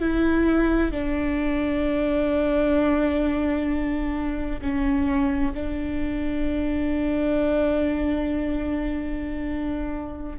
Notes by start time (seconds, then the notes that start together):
0.00 E4
0.92 D4
4.62 C#4
5.55 D4